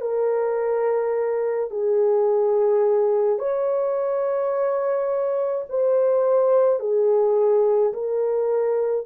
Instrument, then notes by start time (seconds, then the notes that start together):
horn
0.00 A#4
1.70 G#4
3.38 C#5
5.69 C5
6.79 G#4
7.92 A#4